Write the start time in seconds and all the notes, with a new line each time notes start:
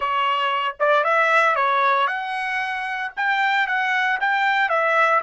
0.00 C#5
0.79 D5
1.03 E5
1.55 C#5
2.07 F#5
3.16 G5
3.67 F#5
4.20 G5
4.69 E5